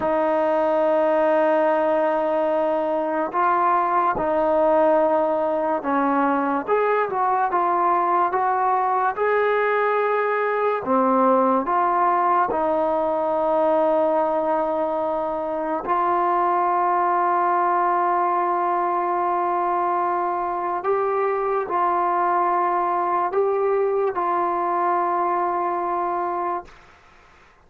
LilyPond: \new Staff \with { instrumentName = "trombone" } { \time 4/4 \tempo 4 = 72 dis'1 | f'4 dis'2 cis'4 | gis'8 fis'8 f'4 fis'4 gis'4~ | gis'4 c'4 f'4 dis'4~ |
dis'2. f'4~ | f'1~ | f'4 g'4 f'2 | g'4 f'2. | }